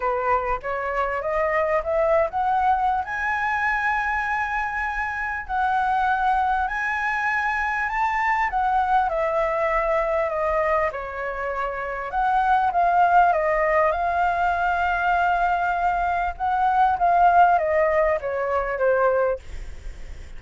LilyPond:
\new Staff \with { instrumentName = "flute" } { \time 4/4 \tempo 4 = 99 b'4 cis''4 dis''4 e''8. fis''16~ | fis''4 gis''2.~ | gis''4 fis''2 gis''4~ | gis''4 a''4 fis''4 e''4~ |
e''4 dis''4 cis''2 | fis''4 f''4 dis''4 f''4~ | f''2. fis''4 | f''4 dis''4 cis''4 c''4 | }